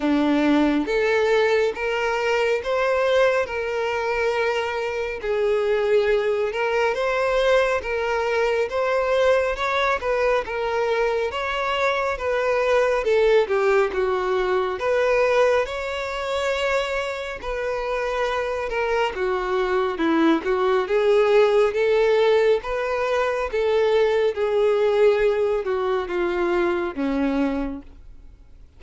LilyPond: \new Staff \with { instrumentName = "violin" } { \time 4/4 \tempo 4 = 69 d'4 a'4 ais'4 c''4 | ais'2 gis'4. ais'8 | c''4 ais'4 c''4 cis''8 b'8 | ais'4 cis''4 b'4 a'8 g'8 |
fis'4 b'4 cis''2 | b'4. ais'8 fis'4 e'8 fis'8 | gis'4 a'4 b'4 a'4 | gis'4. fis'8 f'4 cis'4 | }